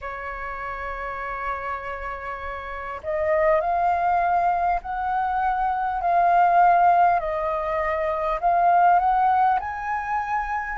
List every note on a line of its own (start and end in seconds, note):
0.01 3.01 C#5
3.03 3.61 D#5
3.61 4.81 F5
4.82 6.01 F#5
6.01 7.19 F5
7.19 8.39 D#5
8.40 8.99 F5
8.99 9.59 F#5
9.59 10.78 G#5